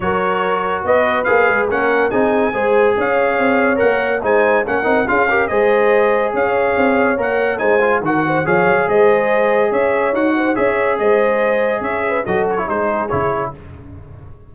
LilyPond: <<
  \new Staff \with { instrumentName = "trumpet" } { \time 4/4 \tempo 4 = 142 cis''2 dis''4 f''4 | fis''4 gis''2 f''4~ | f''4 fis''4 gis''4 fis''4 | f''4 dis''2 f''4~ |
f''4 fis''4 gis''4 fis''4 | f''4 dis''2 e''4 | fis''4 e''4 dis''2 | e''4 dis''8 cis''8 c''4 cis''4 | }
  \new Staff \with { instrumentName = "horn" } { \time 4/4 ais'2 b'2 | ais'4 gis'4 c''4 cis''4~ | cis''2 c''4 ais'4 | gis'8 ais'8 c''2 cis''4~ |
cis''2 c''4 ais'8 c''8 | cis''4 c''2 cis''4~ | cis''8 c''8 cis''4 c''2 | cis''8 b'8 a'4 gis'2 | }
  \new Staff \with { instrumentName = "trombone" } { \time 4/4 fis'2. gis'4 | cis'4 dis'4 gis'2~ | gis'4 ais'4 dis'4 cis'8 dis'8 | f'8 g'8 gis'2.~ |
gis'4 ais'4 dis'8 f'8 fis'4 | gis'1 | fis'4 gis'2.~ | gis'4 fis'8. e'16 dis'4 e'4 | }
  \new Staff \with { instrumentName = "tuba" } { \time 4/4 fis2 b4 ais8 gis8 | ais4 c'4 gis4 cis'4 | c'4 ais4 gis4 ais8 c'8 | cis'4 gis2 cis'4 |
c'4 ais4 gis4 dis4 | f8 fis8 gis2 cis'4 | dis'4 cis'4 gis2 | cis'4 fis4 gis4 cis4 | }
>>